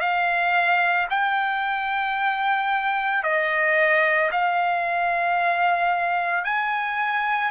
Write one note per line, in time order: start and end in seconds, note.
0.00 1.07 F5
1.10 3.23 G5
3.23 4.31 D#5
4.31 6.44 F5
6.44 7.51 G#5